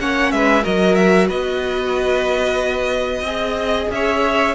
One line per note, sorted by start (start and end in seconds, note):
0.00 0.32 A#3
0.00 0.63 C#4
0.00 0.34 C#5
0.00 0.32 F#5
0.32 0.65 G#3
0.32 0.64 B4
0.32 0.64 E5
0.63 1.30 F#3
0.63 3.24 F#4
0.63 1.27 A#4
0.63 0.95 D#5
0.95 1.28 E5
1.27 3.21 B3
1.27 3.23 B4
1.27 3.91 D#5
3.21 3.87 C4
3.21 4.55 G#4
3.21 3.90 D#5
3.91 4.55 C#4
3.91 4.55 C#5
3.91 4.55 E5